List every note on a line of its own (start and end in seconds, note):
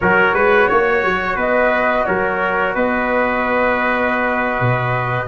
0.00 0.33 F#3
0.00 5.27 F#4
0.00 0.34 A#4
0.00 1.36 C#5
0.33 0.67 G#3
0.33 0.67 B4
0.67 1.04 A#3
0.67 1.36 C#5
1.05 1.36 F#3
1.36 2.04 B3
1.36 2.04 B4
1.36 2.05 D#5
2.05 2.75 F#3
2.05 2.74 A#4
2.05 2.73 C#5
2.74 4.60 B3
2.74 5.27 B4
2.74 5.27 D#5
4.60 5.27 B2